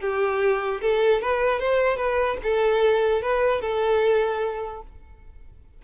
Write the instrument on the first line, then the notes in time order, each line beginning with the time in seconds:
violin
0.00 G4
0.81 A4
1.22 B4
1.59 C5
1.97 B4
2.43 A4
3.22 B4
3.61 A4